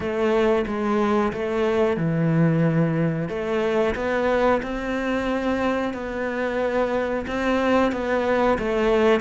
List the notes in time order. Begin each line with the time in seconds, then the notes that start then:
0.00 A3
0.66 G#3
1.32 A3
1.97 E3
3.28 A3
3.95 B3
4.62 C4
5.93 B3
7.27 C4
7.92 B3
8.58 A3